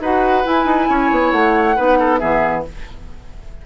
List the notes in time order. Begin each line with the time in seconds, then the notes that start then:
0.00 D#4 F#4 B4 F#5
0.44 E4 G#5
0.65 D#4
0.89 C#4 C#5
1.11 B3
1.31 A3 F#5
1.76 B3 D#4 B4
1.99 A4
2.18 E3 B3 G#4 E5